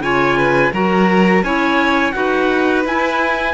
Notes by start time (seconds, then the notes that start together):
0.00 C#3 F4 C#5 G#5
0.37 B4
0.72 F#3 F#4 A#4 A#5
1.43 C#4 E4 C#5 G#5
2.12 D#4 F#4 B4 F#5
2.85 E4 G#5